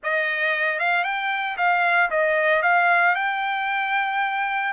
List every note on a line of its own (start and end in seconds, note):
0.03 0.79 D#5
0.79 1.04 F5
1.04 1.56 G5
1.57 2.09 F5
2.10 2.62 D#5
2.62 3.15 F5
3.15 4.73 G5